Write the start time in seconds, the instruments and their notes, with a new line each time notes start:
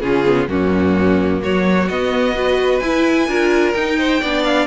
0.00 cello C#3, viola C#4, violin F4 G#4
0.25 viola B3
0.47 cello F#2, viola A#3, violin C#4 F#4
1.41 cello F#3, violin F#4 C#5
1.88 cello B3, viola B3, violin D#5
2.35 viola F#4, violin B4
2.79 cello E4, viola E4, violin G#5
3.27 cello D4, viola F4, violin A#4
3.72 cello D#4, viola D#4, violin G5
3.97 violin C5
4.21 cello B3, viola D4, violin D5
4.44 violin F5